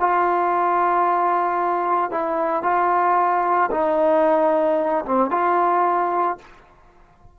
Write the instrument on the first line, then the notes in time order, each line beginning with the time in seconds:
trombone
0.00 F4
2.11 E4
2.63 F4
3.71 D#4
5.06 C4
5.31 F4